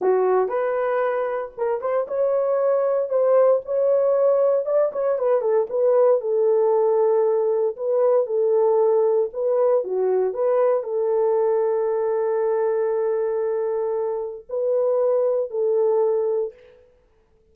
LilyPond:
\new Staff \with { instrumentName = "horn" } { \time 4/4 \tempo 4 = 116 fis'4 b'2 ais'8 c''8 | cis''2 c''4 cis''4~ | cis''4 d''8 cis''8 b'8 a'8 b'4 | a'2. b'4 |
a'2 b'4 fis'4 | b'4 a'2.~ | a'1 | b'2 a'2 | }